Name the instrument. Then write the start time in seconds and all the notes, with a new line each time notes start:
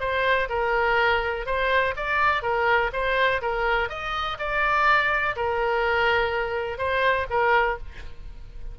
oboe
0.00 C5
0.49 A#4
1.46 C5
1.96 D5
2.42 A#4
2.93 C5
3.42 A#4
3.89 D#5
4.39 D5
5.36 A#4
6.78 C5
7.30 A#4